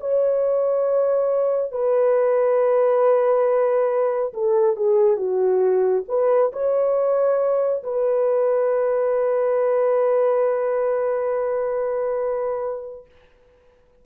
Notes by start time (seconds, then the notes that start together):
0.00 C#5
1.72 B4
4.33 A4
4.76 G#4
5.16 F#4
6.08 B4
6.52 C#5
7.83 B4